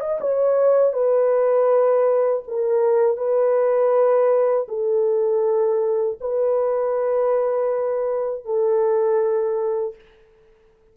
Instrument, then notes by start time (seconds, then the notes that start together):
horn
0.00 D#5
0.20 C#5
0.93 B4
2.47 A#4
3.17 B4
4.68 A4
6.20 B4
8.45 A4